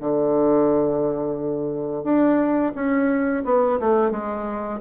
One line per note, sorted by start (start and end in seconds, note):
0.00 2.03 D3
2.03 2.72 D4
2.75 3.44 C#4
3.45 3.79 B3
3.79 4.11 A3
4.11 4.80 G#3